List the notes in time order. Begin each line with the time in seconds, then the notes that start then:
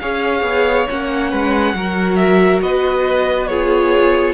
0.00 C#4 G#4 C#5 F5
0.43 B3
0.89 A#3 C#4 F#5
1.31 G#3 B4
1.74 F#3 F#4 A#4
2.16 E5
2.62 B3 B4 D#5
3.47 F4 G#4 C#5